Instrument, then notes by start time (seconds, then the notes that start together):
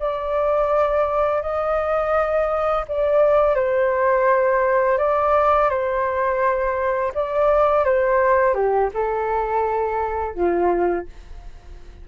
flute
0.00 D5
1.42 D#5
2.88 D5
3.56 C5
4.98 D5
5.70 C5
7.15 D5
7.85 C5
8.55 G4
8.94 A4
10.35 F4